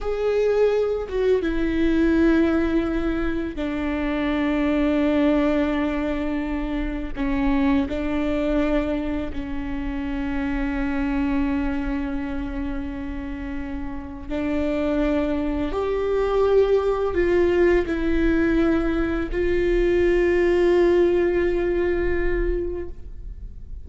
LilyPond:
\new Staff \with { instrumentName = "viola" } { \time 4/4 \tempo 4 = 84 gis'4. fis'8 e'2~ | e'4 d'2.~ | d'2 cis'4 d'4~ | d'4 cis'2.~ |
cis'1 | d'2 g'2 | f'4 e'2 f'4~ | f'1 | }